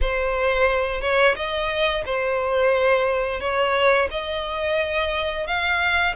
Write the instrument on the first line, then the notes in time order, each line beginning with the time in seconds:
violin
0.01 C5
1.01 C#5
1.35 D#5
2.05 C5
3.40 C#5
4.10 D#5
5.46 F5